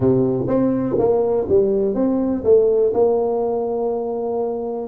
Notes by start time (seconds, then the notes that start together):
0.00 C3
0.47 C4
0.98 A#3
1.48 G3
1.94 C4
2.44 A3
2.93 A#3